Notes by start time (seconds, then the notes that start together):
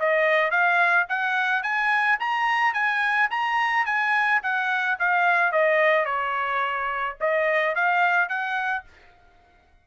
0.00 D#5
0.51 F5
1.09 F#5
1.63 G#5
2.20 A#5
2.74 G#5
3.31 A#5
3.86 G#5
4.43 F#5
4.99 F5
5.52 D#5
6.06 C#5
7.21 D#5
7.76 F5
8.29 F#5